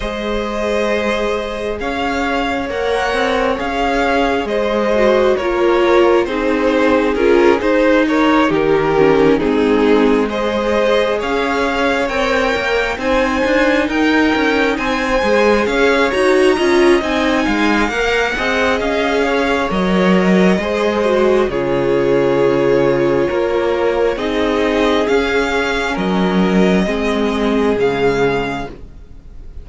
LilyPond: <<
  \new Staff \with { instrumentName = "violin" } { \time 4/4 \tempo 4 = 67 dis''2 f''4 fis''4 | f''4 dis''4 cis''4 c''4 | ais'8 c''8 cis''8 ais'4 gis'4 dis''8~ | dis''8 f''4 g''4 gis''4 g''8~ |
g''8 gis''4 f''8 ais''4 gis''4 | fis''4 f''4 dis''2 | cis''2. dis''4 | f''4 dis''2 f''4 | }
  \new Staff \with { instrumentName = "violin" } { \time 4/4 c''2 cis''2~ | cis''4 c''4 ais'4 gis'4~ | gis'4 ais'8 g'4 dis'4 c''8~ | c''8 cis''2 c''4 ais'8~ |
ais'8 c''4 cis''4 dis''4 f''8~ | f''8 dis''4 cis''4. c''4 | gis'2 ais'4 gis'4~ | gis'4 ais'4 gis'2 | }
  \new Staff \with { instrumentName = "viola" } { \time 4/4 gis'2. ais'4 | gis'4. fis'8 f'4 dis'4 | f'8 dis'4. cis'8 c'4 gis'8~ | gis'4. ais'4 dis'4.~ |
dis'4 gis'4 fis'8 f'8 dis'4 | ais'8 gis'4. ais'4 gis'8 fis'8 | f'2. dis'4 | cis'2 c'4 gis4 | }
  \new Staff \with { instrumentName = "cello" } { \time 4/4 gis2 cis'4 ais8 c'8 | cis'4 gis4 ais4 c'4 | cis'8 dis'4 dis4 gis4.~ | gis8 cis'4 c'8 ais8 c'8 d'8 dis'8 |
cis'8 c'8 gis8 cis'8 dis'8 cis'8 c'8 gis8 | ais8 c'8 cis'4 fis4 gis4 | cis2 ais4 c'4 | cis'4 fis4 gis4 cis4 | }
>>